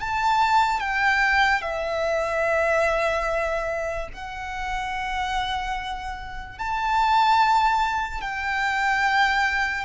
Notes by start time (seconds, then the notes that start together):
0.00 A5
0.80 G5
1.62 E5
4.13 F#5
6.58 A5
8.22 G5